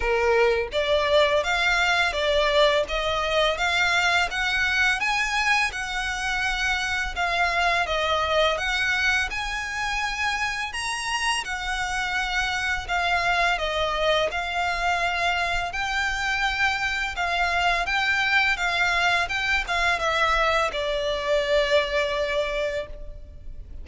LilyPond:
\new Staff \with { instrumentName = "violin" } { \time 4/4 \tempo 4 = 84 ais'4 d''4 f''4 d''4 | dis''4 f''4 fis''4 gis''4 | fis''2 f''4 dis''4 | fis''4 gis''2 ais''4 |
fis''2 f''4 dis''4 | f''2 g''2 | f''4 g''4 f''4 g''8 f''8 | e''4 d''2. | }